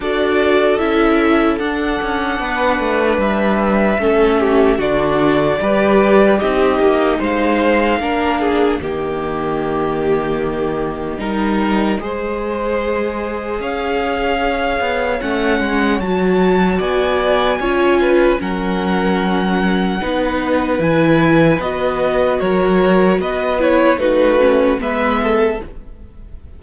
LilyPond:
<<
  \new Staff \with { instrumentName = "violin" } { \time 4/4 \tempo 4 = 75 d''4 e''4 fis''2 | e''2 d''2 | dis''4 f''2 dis''4~ | dis''1~ |
dis''4 f''2 fis''4 | a''4 gis''2 fis''4~ | fis''2 gis''4 dis''4 | cis''4 dis''8 cis''8 b'4 e''4 | }
  \new Staff \with { instrumentName = "violin" } { \time 4/4 a'2. b'4~ | b'4 a'8 g'8 fis'4 b'4 | g'4 c''4 ais'8 gis'8 g'4~ | g'2 ais'4 c''4~ |
c''4 cis''2.~ | cis''4 d''4 cis''8 b'8 ais'4~ | ais'4 b'2. | ais'4 b'4 fis'4 b'8 a'8 | }
  \new Staff \with { instrumentName = "viola" } { \time 4/4 fis'4 e'4 d'2~ | d'4 cis'4 d'4 g'4 | dis'2 d'4 ais4~ | ais2 dis'4 gis'4~ |
gis'2. cis'4 | fis'2 f'4 cis'4~ | cis'4 dis'4 e'4 fis'4~ | fis'4. e'8 dis'8 cis'8 b4 | }
  \new Staff \with { instrumentName = "cello" } { \time 4/4 d'4 cis'4 d'8 cis'8 b8 a8 | g4 a4 d4 g4 | c'8 ais8 gis4 ais4 dis4~ | dis2 g4 gis4~ |
gis4 cis'4. b8 a8 gis8 | fis4 b4 cis'4 fis4~ | fis4 b4 e4 b4 | fis4 b4 a4 gis4 | }
>>